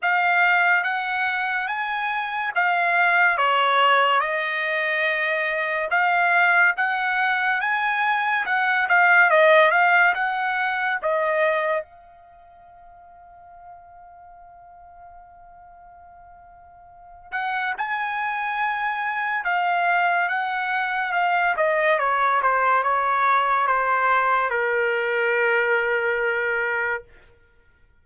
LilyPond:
\new Staff \with { instrumentName = "trumpet" } { \time 4/4 \tempo 4 = 71 f''4 fis''4 gis''4 f''4 | cis''4 dis''2 f''4 | fis''4 gis''4 fis''8 f''8 dis''8 f''8 | fis''4 dis''4 f''2~ |
f''1~ | f''8 fis''8 gis''2 f''4 | fis''4 f''8 dis''8 cis''8 c''8 cis''4 | c''4 ais'2. | }